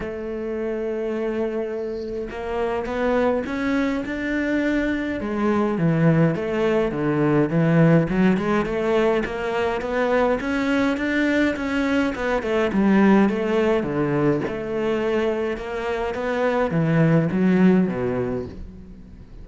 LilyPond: \new Staff \with { instrumentName = "cello" } { \time 4/4 \tempo 4 = 104 a1 | ais4 b4 cis'4 d'4~ | d'4 gis4 e4 a4 | d4 e4 fis8 gis8 a4 |
ais4 b4 cis'4 d'4 | cis'4 b8 a8 g4 a4 | d4 a2 ais4 | b4 e4 fis4 b,4 | }